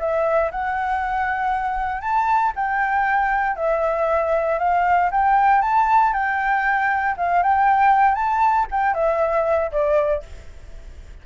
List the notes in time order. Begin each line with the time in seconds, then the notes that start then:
0.00 E5
0.52 F#5
2.02 A5
2.56 G5
3.56 E5
4.59 F5
5.12 G5
5.62 A5
6.14 G5
7.18 F5
7.43 G5
8.15 A5
8.72 G5
8.94 E5
9.72 D5